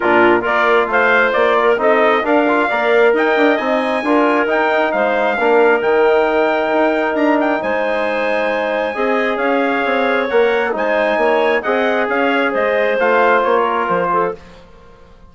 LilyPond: <<
  \new Staff \with { instrumentName = "trumpet" } { \time 4/4 \tempo 4 = 134 ais'4 d''4 f''4 d''4 | dis''4 f''2 g''4 | gis''2 g''4 f''4~ | f''4 g''2. |
ais''8 g''8 gis''2.~ | gis''4 f''2 fis''4 | gis''2 fis''4 f''4 | dis''4 f''4 cis''4 c''4 | }
  \new Staff \with { instrumentName = "clarinet" } { \time 4/4 f'4 ais'4 c''4. ais'8 | a'4 ais'4 d''4 dis''4~ | dis''4 ais'2 c''4 | ais'1~ |
ais'4 c''2. | dis''4 cis''2. | c''4 cis''4 dis''4 cis''4 | c''2~ c''8 ais'4 a'8 | }
  \new Staff \with { instrumentName = "trombone" } { \time 4/4 d'4 f'2. | dis'4 d'8 f'8 ais'2 | dis'4 f'4 dis'2 | d'4 dis'2.~ |
dis'1 | gis'2. ais'4 | dis'2 gis'2~ | gis'4 f'2. | }
  \new Staff \with { instrumentName = "bassoon" } { \time 4/4 ais,4 ais4 a4 ais4 | c'4 d'4 ais4 dis'8 d'8 | c'4 d'4 dis'4 gis4 | ais4 dis2 dis'4 |
d'4 gis2. | c'4 cis'4 c'4 ais4 | gis4 ais4 c'4 cis'4 | gis4 a4 ais4 f4 | }
>>